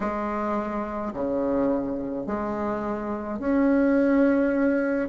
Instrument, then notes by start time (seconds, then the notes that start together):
bassoon
0.00 G#3
1.13 C#3
2.26 G#3
3.39 C#4